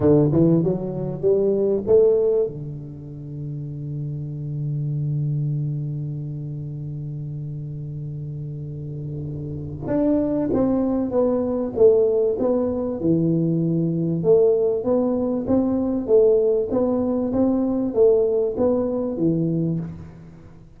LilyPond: \new Staff \with { instrumentName = "tuba" } { \time 4/4 \tempo 4 = 97 d8 e8 fis4 g4 a4 | d1~ | d1~ | d1 |
d'4 c'4 b4 a4 | b4 e2 a4 | b4 c'4 a4 b4 | c'4 a4 b4 e4 | }